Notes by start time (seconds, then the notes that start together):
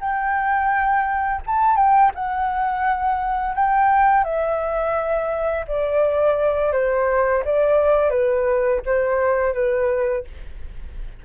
0.00 G5
1.46 A5
1.76 G5
2.15 F#5
3.55 G5
4.24 E5
5.68 D5
6.72 C5
7.44 D5
8.10 B4
8.86 C5
9.54 B4